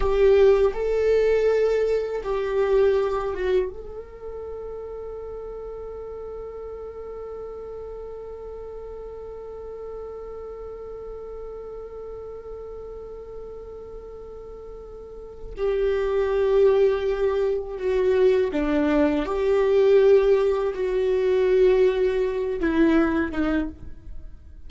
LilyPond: \new Staff \with { instrumentName = "viola" } { \time 4/4 \tempo 4 = 81 g'4 a'2 g'4~ | g'8 fis'8 a'2.~ | a'1~ | a'1~ |
a'1~ | a'4 g'2. | fis'4 d'4 g'2 | fis'2~ fis'8 e'4 dis'8 | }